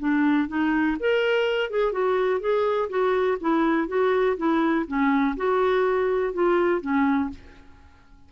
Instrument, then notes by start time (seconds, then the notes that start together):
clarinet
0.00 D4
0.49 D#4
1.00 A#4
1.71 G#4
1.92 F#4
2.41 G#4
2.90 F#4
3.41 E4
3.88 F#4
4.38 E4
4.87 C#4
5.37 F#4
6.34 F4
6.81 C#4